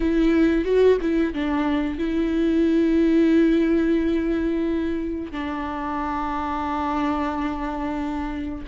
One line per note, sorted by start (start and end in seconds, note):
0.00 0.64 E4
0.64 0.98 F#4
1.01 1.33 E4
1.33 1.98 D4
1.98 5.31 E4
5.31 8.65 D4